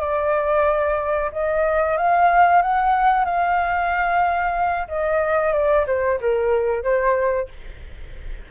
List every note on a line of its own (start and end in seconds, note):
0.00 1.30 D5
1.32 1.97 D#5
1.97 2.62 F5
2.62 3.24 F#5
3.24 4.87 F5
4.88 5.53 D#5
5.53 5.85 D5
5.87 6.19 C5
6.21 6.83 A#4
6.83 7.48 C5